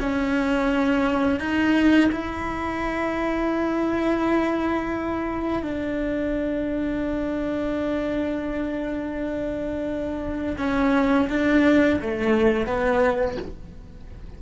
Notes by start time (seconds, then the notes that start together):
0.00 C#4
1.40 D#4
2.12 E4
5.63 D4
10.58 C#4
11.29 D4
12.01 A3
12.67 B3